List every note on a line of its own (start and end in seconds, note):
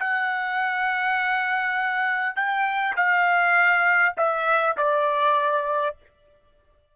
0.00 2.36 F#5
2.36 2.96 G5
2.97 4.16 F5
4.17 4.77 E5
4.78 5.96 D5